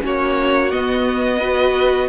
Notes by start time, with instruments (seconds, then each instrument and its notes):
0.00 cello A#3, viola C#4, violin F#4
0.06 violin C#5
0.71 viola B3, cello B3, violin D#5
1.38 viola F#4, violin B4